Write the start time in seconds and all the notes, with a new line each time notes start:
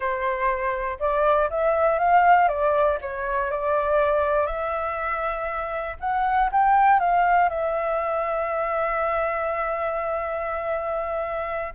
0.00 C5
0.99 D5
1.50 E5
1.99 F5
2.48 D5
3.01 C#5
3.50 D5
4.46 E5
6.00 F#5
6.52 G5
6.99 F5
7.49 E5